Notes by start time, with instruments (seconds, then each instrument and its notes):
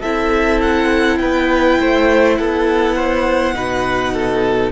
0.00 cello C4, viola E4, violin A4 E5
0.62 violin F#5
1.18 cello B3, violin B4 G5
1.80 cello A3, violin C5
2.37 cello B3, violin A4 F#5
2.95 violin C5
3.54 cello B2, viola D#4, violin B4
4.13 violin A4